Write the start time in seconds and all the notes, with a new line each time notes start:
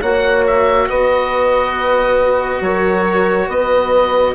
0.00 A#3 F#4 C#5 F#5
0.47 E5
0.88 B3 B4 D#5
2.61 F#3 A#4 C#5
3.48 B3 B4 D#5